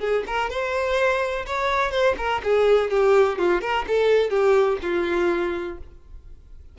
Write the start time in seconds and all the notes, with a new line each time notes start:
0.00 G#4
0.27 A#4
0.50 C5
1.47 C#5
1.91 C5
2.18 A#4
2.44 G#4
2.91 G4
3.38 F4
3.61 A#4
3.88 A4
4.30 G4
4.82 F4